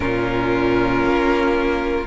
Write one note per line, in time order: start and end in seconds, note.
0.00 1.03 A#2
0.00 2.05 C#4
0.00 2.06 F4
0.00 2.06 A#4
1.04 2.06 A#3